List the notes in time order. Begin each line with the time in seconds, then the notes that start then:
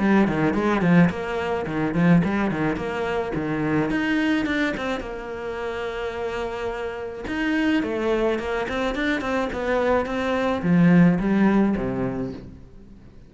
0.00 G3
0.28 D#3
0.54 G#3
0.82 F3
1.10 A#3
1.66 D#3
1.94 F3
2.24 G3
2.51 D#3
2.77 A#3
3.35 D#3
3.91 D#4
4.46 D4
4.77 C4
5.01 A#3
7.28 D#4
7.83 A3
8.39 A#3
8.69 C4
8.95 D4
9.21 C4
9.53 B3
10.06 C4
10.63 F3
11.20 G3
11.77 C3